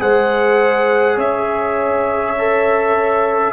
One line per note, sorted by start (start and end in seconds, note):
0.00 1.17 G#3
0.00 2.35 G#4
0.00 1.17 C5
0.00 1.19 F#5
1.17 3.52 C#4
1.17 3.52 C#5
1.17 3.53 E5
2.39 3.53 A4